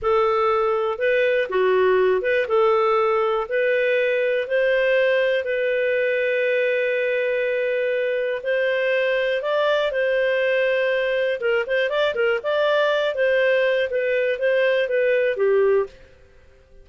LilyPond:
\new Staff \with { instrumentName = "clarinet" } { \time 4/4 \tempo 4 = 121 a'2 b'4 fis'4~ | fis'8 b'8 a'2 b'4~ | b'4 c''2 b'4~ | b'1~ |
b'4 c''2 d''4 | c''2. ais'8 c''8 | d''8 ais'8 d''4. c''4. | b'4 c''4 b'4 g'4 | }